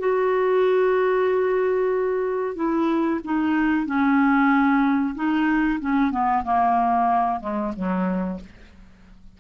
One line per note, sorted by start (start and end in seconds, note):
0.00 2.56 F#4
2.56 3.21 E4
3.25 3.86 D#4
3.86 5.15 C#4
5.16 5.80 D#4
5.81 6.11 C#4
6.11 6.44 B3
6.44 7.41 A#3
7.41 7.73 G#3
7.76 8.41 F#3